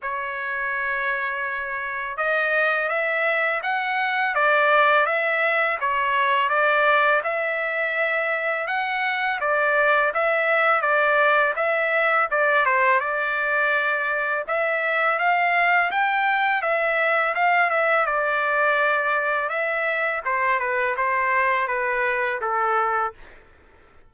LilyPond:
\new Staff \with { instrumentName = "trumpet" } { \time 4/4 \tempo 4 = 83 cis''2. dis''4 | e''4 fis''4 d''4 e''4 | cis''4 d''4 e''2 | fis''4 d''4 e''4 d''4 |
e''4 d''8 c''8 d''2 | e''4 f''4 g''4 e''4 | f''8 e''8 d''2 e''4 | c''8 b'8 c''4 b'4 a'4 | }